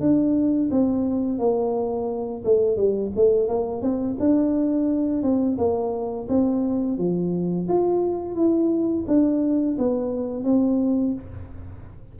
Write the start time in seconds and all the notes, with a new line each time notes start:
0.00 D4
0.71 C4
1.39 A#3
2.45 A3
2.77 G3
3.16 A3
3.48 A#3
3.82 C4
4.20 D4
5.23 C4
5.58 A#3
6.29 C4
6.98 F3
7.68 F4
8.35 E4
9.07 D4
9.78 B3
10.44 C4